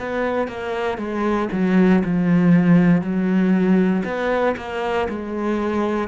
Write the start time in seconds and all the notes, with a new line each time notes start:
0.00 B3
0.49 A#3
0.98 G#3
1.53 F#3
2.05 F3
3.02 F#3
4.05 B3
4.57 A#3
5.09 G#3